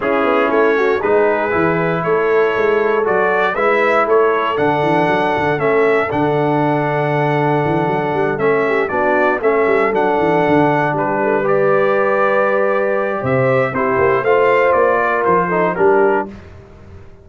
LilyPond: <<
  \new Staff \with { instrumentName = "trumpet" } { \time 4/4 \tempo 4 = 118 gis'4 cis''4 b'2 | cis''2 d''4 e''4 | cis''4 fis''2 e''4 | fis''1~ |
fis''8 e''4 d''4 e''4 fis''8~ | fis''4. b'4 d''4.~ | d''2 e''4 c''4 | f''4 d''4 c''4 ais'4 | }
  \new Staff \with { instrumentName = "horn" } { \time 4/4 e'4. fis'8 gis'2 | a'2. b'4 | a'1~ | a'1~ |
a'4 g'8 fis'4 a'4.~ | a'4. g'8 a'8 b'4.~ | b'2 c''4 g'4 | c''4. ais'4 a'8 g'4 | }
  \new Staff \with { instrumentName = "trombone" } { \time 4/4 cis'2 dis'4 e'4~ | e'2 fis'4 e'4~ | e'4 d'2 cis'4 | d'1~ |
d'8 cis'4 d'4 cis'4 d'8~ | d'2~ d'8 g'4.~ | g'2. e'4 | f'2~ f'8 dis'8 d'4 | }
  \new Staff \with { instrumentName = "tuba" } { \time 4/4 cis'8 b8 a4 gis4 e4 | a4 gis4 fis4 gis4 | a4 d8 e8 fis8 d8 a4 | d2. e8 fis8 |
g8 a4 b4 a8 g8 fis8 | e8 d4 g2~ g8~ | g2 c4 c'8 ais8 | a4 ais4 f4 g4 | }
>>